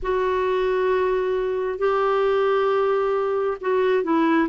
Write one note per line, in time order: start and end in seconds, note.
0.02 1.78 F#4
1.78 3.57 G4
3.60 4.03 F#4
4.03 4.48 E4